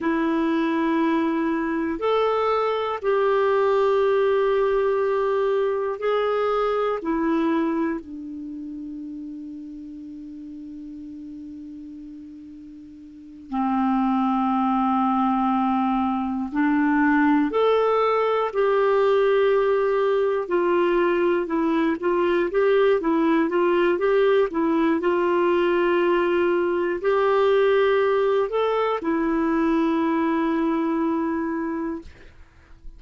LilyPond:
\new Staff \with { instrumentName = "clarinet" } { \time 4/4 \tempo 4 = 60 e'2 a'4 g'4~ | g'2 gis'4 e'4 | d'1~ | d'4. c'2~ c'8~ |
c'8 d'4 a'4 g'4.~ | g'8 f'4 e'8 f'8 g'8 e'8 f'8 | g'8 e'8 f'2 g'4~ | g'8 a'8 e'2. | }